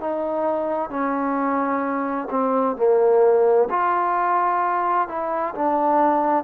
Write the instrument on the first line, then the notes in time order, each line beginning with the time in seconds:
trombone
0.00 D#4
0.90 C#4
2.30 C4
2.77 A#3
3.70 F4
5.08 E4
5.55 D4